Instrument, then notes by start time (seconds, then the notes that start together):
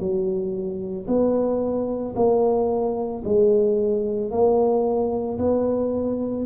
tuba
0.00 F#3
1.08 B3
2.16 A#3
3.25 G#3
4.31 A#3
5.39 B3